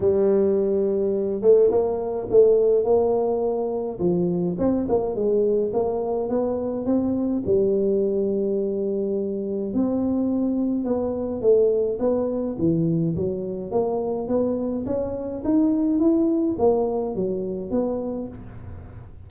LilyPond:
\new Staff \with { instrumentName = "tuba" } { \time 4/4 \tempo 4 = 105 g2~ g8 a8 ais4 | a4 ais2 f4 | c'8 ais8 gis4 ais4 b4 | c'4 g2.~ |
g4 c'2 b4 | a4 b4 e4 fis4 | ais4 b4 cis'4 dis'4 | e'4 ais4 fis4 b4 | }